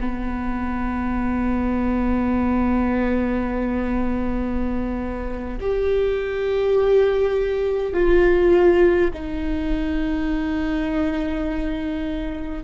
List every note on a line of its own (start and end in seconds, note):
0.00 5.59 B3
5.61 7.94 G4
7.94 9.11 F4
9.13 12.64 D#4